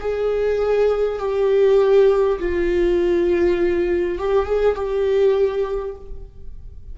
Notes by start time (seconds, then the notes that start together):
0.00 G#4
1.18 G4
2.39 F4
4.18 G4
4.46 G#4
4.75 G4